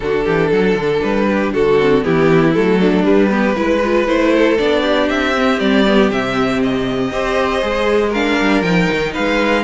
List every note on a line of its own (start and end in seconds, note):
0.00 0.25 D3
0.00 1.79 D4
0.00 0.25 F#4
0.00 1.01 A4
0.25 0.52 E3
0.25 0.50 G4
0.51 0.75 F#3
0.51 1.27 A4
0.75 1.00 D3
1.01 1.54 G3
1.01 1.52 B4
1.29 1.53 G4
1.53 2.06 D3
1.53 2.04 F#4
1.53 2.04 A4
1.79 2.03 C4
2.03 2.56 E3
2.03 2.53 B3
2.03 2.79 E4
2.03 2.53 G4
2.53 3.04 F#3
2.53 3.04 A3
2.53 3.04 A4
2.79 3.30 D4
3.04 3.55 G3
3.04 3.30 G3
3.04 4.06 B4
3.30 3.55 B3
3.30 3.56 G4
3.56 4.07 G#3
3.56 3.81 E4
3.56 4.33 B4
3.83 4.07 F4
4.06 4.58 A3
4.06 4.58 E4
4.06 4.57 C5
4.33 4.82 A4
4.58 5.09 B3
4.58 5.34 D4
4.58 5.08 D5
4.82 7.10 G4
5.08 5.60 C4
5.08 5.59 E5
5.37 5.86 C4
5.59 6.10 G3
5.59 6.10 D5
5.86 6.10 B3
6.10 7.11 C3
6.10 7.12 C4
6.10 6.62 E5
6.62 8.13 D#5
7.11 7.62 C4
7.11 7.61 G4
7.11 8.09 C5
7.61 8.39 G#3
7.61 8.12 G#4
8.09 8.64 D4
8.09 9.11 A#4
8.09 8.62 F5
8.39 8.61 G3
8.61 8.87 F3
8.61 9.63 D#4
8.61 9.12 G5
8.91 9.17 D#3
9.14 9.63 G#3
9.14 9.63 B4
9.14 9.63 F5